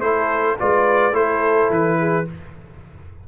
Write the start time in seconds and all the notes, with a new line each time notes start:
0.00 A3 E4 A4 C5
0.58 G#3 F4 B4 D5
1.12 A3 E4 A4 C5
1.70 E3 B4
1.98 G#4